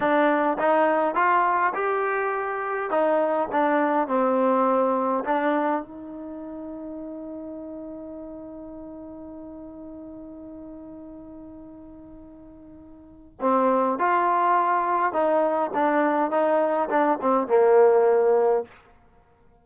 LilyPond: \new Staff \with { instrumentName = "trombone" } { \time 4/4 \tempo 4 = 103 d'4 dis'4 f'4 g'4~ | g'4 dis'4 d'4 c'4~ | c'4 d'4 dis'2~ | dis'1~ |
dis'1~ | dis'2. c'4 | f'2 dis'4 d'4 | dis'4 d'8 c'8 ais2 | }